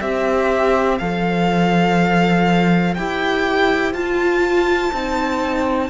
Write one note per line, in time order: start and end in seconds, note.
0.00 0.99 C4
0.00 0.99 G4
0.00 5.89 C5
0.00 0.98 E5
0.98 2.97 F3
0.98 2.96 A4
0.98 2.94 F5
2.94 3.93 E4
2.94 3.94 G4
2.94 3.92 G5
3.93 4.91 F4
3.93 4.93 F4
3.93 5.89 A5
4.92 5.89 C4
4.92 5.89 D#4